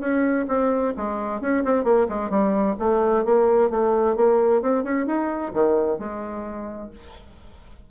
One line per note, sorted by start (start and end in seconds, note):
0.00 0.46 C#4
0.48 0.94 C4
0.97 1.41 G#3
1.41 1.64 C#4
1.64 1.84 C4
1.84 2.07 A#3
2.09 2.30 G#3
2.30 2.76 G3
2.79 3.25 A3
3.25 3.70 A#3
3.70 4.16 A3
4.16 4.62 A#3
4.62 4.84 C4
4.84 5.06 C#4
5.06 5.52 D#4
5.53 5.99 D#3
5.99 6.90 G#3